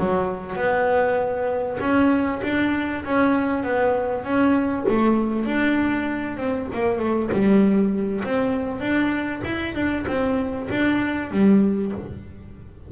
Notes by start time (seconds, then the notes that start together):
0.00 F#3
0.56 B3
1.81 C#4
2.44 D4
3.05 C#4
3.64 B3
4.25 C#4
4.89 A3
5.46 D4
6.38 C4
6.74 A#3
7.00 A3
7.33 G3
8.25 C4
8.81 D4
9.45 E4
9.75 D4
10.08 C4
10.71 D4
11.32 G3